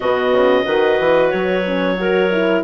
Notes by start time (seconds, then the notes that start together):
0.00 B2 B3 F#4 D#5
0.32 C#3
0.63 D#3 F#4 B4
0.99 E3
1.29 F#3 C#5
1.66 C#4
1.96 F#4 A#4
2.32 E4